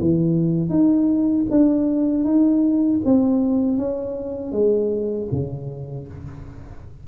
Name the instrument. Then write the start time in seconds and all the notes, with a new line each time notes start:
tuba
0.00 E3
0.69 D#4
1.51 D4
2.24 D#4
3.05 C4
3.78 C#4
4.52 G#3
5.32 C#3